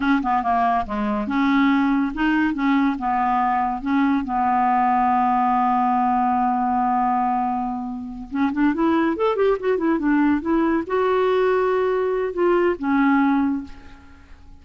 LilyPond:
\new Staff \with { instrumentName = "clarinet" } { \time 4/4 \tempo 4 = 141 cis'8 b8 ais4 gis4 cis'4~ | cis'4 dis'4 cis'4 b4~ | b4 cis'4 b2~ | b1~ |
b2.~ b8 cis'8 | d'8 e'4 a'8 g'8 fis'8 e'8 d'8~ | d'8 e'4 fis'2~ fis'8~ | fis'4 f'4 cis'2 | }